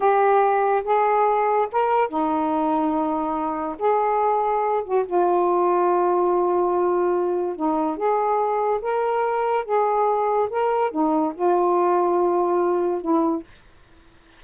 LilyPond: \new Staff \with { instrumentName = "saxophone" } { \time 4/4 \tempo 4 = 143 g'2 gis'2 | ais'4 dis'2.~ | dis'4 gis'2~ gis'8 fis'8 | f'1~ |
f'2 dis'4 gis'4~ | gis'4 ais'2 gis'4~ | gis'4 ais'4 dis'4 f'4~ | f'2. e'4 | }